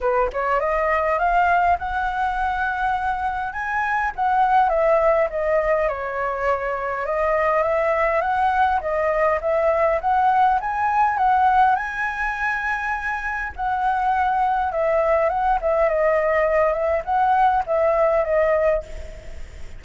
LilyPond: \new Staff \with { instrumentName = "flute" } { \time 4/4 \tempo 4 = 102 b'8 cis''8 dis''4 f''4 fis''4~ | fis''2 gis''4 fis''4 | e''4 dis''4 cis''2 | dis''4 e''4 fis''4 dis''4 |
e''4 fis''4 gis''4 fis''4 | gis''2. fis''4~ | fis''4 e''4 fis''8 e''8 dis''4~ | dis''8 e''8 fis''4 e''4 dis''4 | }